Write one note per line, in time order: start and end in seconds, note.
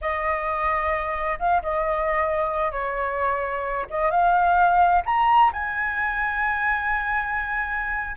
0.01 1.38 D#5
1.39 1.62 F5
1.62 2.71 D#5
2.71 3.86 C#5
3.90 4.10 D#5
4.10 5.02 F5
5.05 5.51 A#5
5.52 8.16 G#5